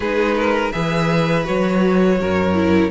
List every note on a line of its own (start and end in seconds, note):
0.00 0.72 G#3
0.00 0.72 D#4
0.00 0.35 G#4
0.00 0.71 B4
0.36 0.73 A#4
0.71 1.47 E3
0.71 1.43 G#4
0.71 2.19 B4
0.71 1.45 E5
1.43 2.20 F#3
1.43 2.53 F#4
1.43 2.91 C#5
2.20 2.91 F#2
2.20 2.91 A#4
2.53 2.90 E4